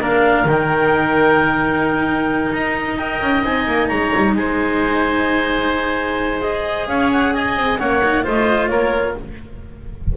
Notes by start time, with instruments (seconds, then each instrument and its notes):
0.00 double bass A#3, cello D4, oboe A#4, clarinet F5
0.45 double bass D#3, cello D#4, clarinet G5
2.52 double bass D#4, clarinet A#5
2.98 cello A#4, oboe D#5, clarinet G5
3.21 double bass C#4
3.44 double bass C4, cello D#4, clarinet G#5
3.67 double bass A#3
3.88 double bass G#3, oboe C#5, clarinet A#5
4.16 double bass G3
4.35 double bass G#3, oboe C5, clarinet G#5
6.41 cello G#4, clarinet D#5
6.87 double bass C#4, oboe C#5, clarinet F5
7.12 clarinet F#5
7.33 oboe D#5, clarinet G#5
7.56 double bass C4
7.79 double bass A#3, cello C#4, oboe C#5, clarinet F#5
8.04 cello D#4
8.22 double bass A3, cello F4, oboe C5, clarinet D#5
8.68 double bass A#3, oboe A#4, clarinet C#5